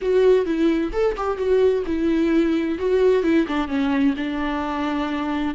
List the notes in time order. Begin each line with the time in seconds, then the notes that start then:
0.01 F#4
0.45 E4
0.92 A4
1.16 G4
1.37 F#4
1.86 E4
2.78 F#4
3.23 E4
3.47 D4
3.68 C#4
4.16 D4